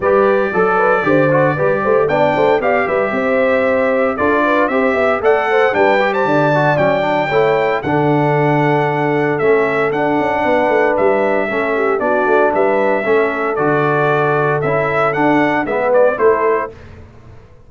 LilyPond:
<<
  \new Staff \with { instrumentName = "trumpet" } { \time 4/4 \tempo 4 = 115 d''1 | g''4 f''8 e''2~ e''8 | d''4 e''4 fis''4 g''8. a''16~ | a''4 g''2 fis''4~ |
fis''2 e''4 fis''4~ | fis''4 e''2 d''4 | e''2 d''2 | e''4 fis''4 e''8 d''8 c''4 | }
  \new Staff \with { instrumentName = "horn" } { \time 4/4 b'4 a'8 b'8 c''4 b'8 c''8 | d''8 c''8 d''8 b'8 c''2 | a'8 b'8 c''8 e''8 d''8 c''8 b'8. c''16 | d''2 cis''4 a'4~ |
a'1 | b'2 a'8 g'8 fis'4 | b'4 a'2.~ | a'2 b'4 a'4 | }
  \new Staff \with { instrumentName = "trombone" } { \time 4/4 g'4 a'4 g'8 fis'8 g'4 | d'4 g'2. | f'4 g'4 a'4 d'8 g'8~ | g'8 fis'8 cis'8 d'8 e'4 d'4~ |
d'2 cis'4 d'4~ | d'2 cis'4 d'4~ | d'4 cis'4 fis'2 | e'4 d'4 b4 e'4 | }
  \new Staff \with { instrumentName = "tuba" } { \time 4/4 g4 fis4 d4 g8 a8 | b8 a8 b8 g8 c'2 | d'4 c'8 b8 a4 g4 | d4 fis4 a4 d4~ |
d2 a4 d'8 cis'8 | b8 a8 g4 a4 b8 a8 | g4 a4 d2 | cis'4 d'4 gis4 a4 | }
>>